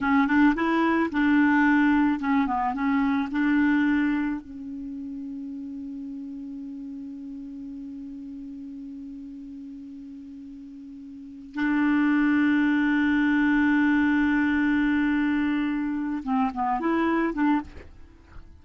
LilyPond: \new Staff \with { instrumentName = "clarinet" } { \time 4/4 \tempo 4 = 109 cis'8 d'8 e'4 d'2 | cis'8 b8 cis'4 d'2 | cis'1~ | cis'1~ |
cis'1~ | cis'4 d'2.~ | d'1~ | d'4. c'8 b8 e'4 d'8 | }